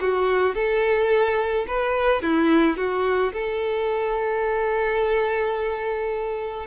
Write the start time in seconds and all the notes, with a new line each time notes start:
0.00 F#4
0.55 A4
1.67 B4
2.22 E4
2.77 F#4
3.33 A4